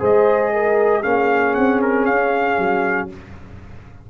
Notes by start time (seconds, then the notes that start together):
0.00 G#3 G#4 C5 D#5
0.53 A#4
1.01 A#3 C#4 G#4 F5
1.54 C4 F#5
1.82 A#4
2.06 C#4 F5
2.58 F#3